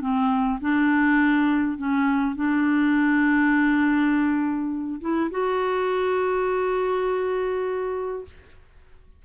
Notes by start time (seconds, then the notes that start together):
0.00 C4
0.60 D4
1.77 C#4
2.35 D4
5.00 E4
5.30 F#4